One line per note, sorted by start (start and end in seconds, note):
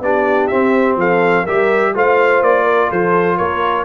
0.00 0.48 B3
0.00 0.51 D4
0.00 0.99 G4
0.00 0.47 D5
0.47 1.47 C4
0.47 0.96 C4
0.47 0.95 E5
0.96 1.44 F3
0.96 1.43 A4
0.96 1.46 F5
1.43 1.94 G3
1.43 1.94 G4
1.43 1.91 A#4
1.43 1.94 E5
1.94 2.41 A3
1.94 3.84 F4
1.94 2.64 C5
1.94 2.43 F5
2.41 2.89 A#3
2.41 2.91 D5
2.64 2.88 A#4
2.89 3.39 F3
2.89 3.37 A4
2.89 3.37 C5
3.37 3.84 A#3
3.37 3.84 A#4
3.37 3.84 C#5